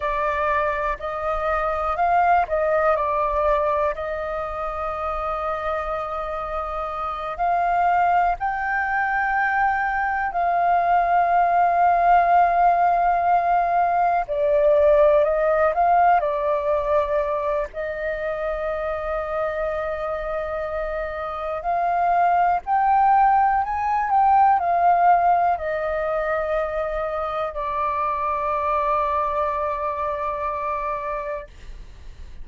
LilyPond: \new Staff \with { instrumentName = "flute" } { \time 4/4 \tempo 4 = 61 d''4 dis''4 f''8 dis''8 d''4 | dis''2.~ dis''8 f''8~ | f''8 g''2 f''4.~ | f''2~ f''8 d''4 dis''8 |
f''8 d''4. dis''2~ | dis''2 f''4 g''4 | gis''8 g''8 f''4 dis''2 | d''1 | }